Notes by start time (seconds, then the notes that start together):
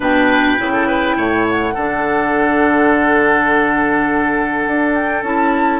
0.00 B2 D4 B4 G5
0.57 C#3 E4
0.73 A4
0.87 B4
1.16 A2 C#5
1.47 F#5
1.74 D3 D4 A4
4.66 D4
4.94 G5
5.22 C#4 E4 A5